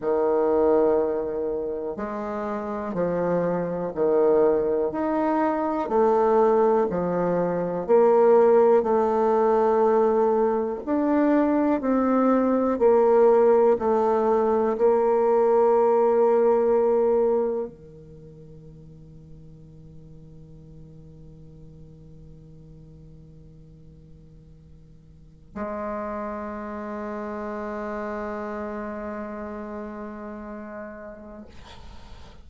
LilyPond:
\new Staff \with { instrumentName = "bassoon" } { \time 4/4 \tempo 4 = 61 dis2 gis4 f4 | dis4 dis'4 a4 f4 | ais4 a2 d'4 | c'4 ais4 a4 ais4~ |
ais2 dis2~ | dis1~ | dis2 gis2~ | gis1 | }